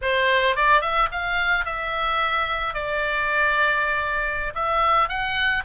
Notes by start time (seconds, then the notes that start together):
0.01 C5
0.56 D5
0.81 E5
1.11 F5
1.65 E5
2.74 D5
4.55 E5
5.08 F#5